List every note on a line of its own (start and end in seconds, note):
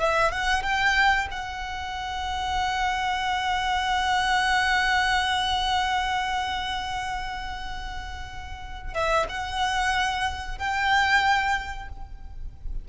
0.00 0.32 E5
0.32 0.63 F#5
0.63 1.28 G5
1.31 8.94 F#5
8.94 9.27 E5
9.29 10.59 F#5
10.59 11.89 G5